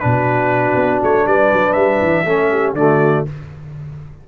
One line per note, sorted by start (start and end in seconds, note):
0.00 0.76 B2
0.00 2.26 D4
0.00 1.27 F#4
0.00 1.00 B4
0.76 1.01 B3
1.02 1.26 A3
1.02 1.27 C#5
1.26 1.51 G3
1.26 2.24 B4
1.26 1.73 D5
1.53 1.76 F#3
1.73 2.01 G3
1.73 2.73 E5
2.02 2.25 E3
2.24 2.74 A3
2.24 2.76 C#4
2.24 2.49 A4
2.51 2.76 G4
2.74 3.24 D3
2.74 3.27 A3
2.74 3.28 F#4
2.74 3.25 D5